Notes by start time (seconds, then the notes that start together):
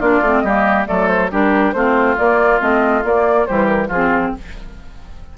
0.00 A#3 D4 F4 D5
0.21 A3 C4
0.41 G3 A#3 G4 D#5
0.86 F#3 A3 A4 D5
1.08 C5
1.32 G3 D4 G4 A#4
1.73 A3 C4 F4 C5
2.18 A#3 D5
2.60 A3 C4 D#5
3.04 A#3 D5
3.47 E3 G3 G4 C5
3.67 A#4
3.88 F3 F4 G#4
3.95 C4